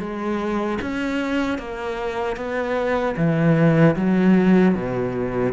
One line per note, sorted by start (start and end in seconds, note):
0.00 0.79 G#3
0.82 1.59 C#4
1.59 2.37 A#3
2.37 3.16 B3
3.17 3.96 E3
3.96 4.75 F#3
4.75 5.53 B2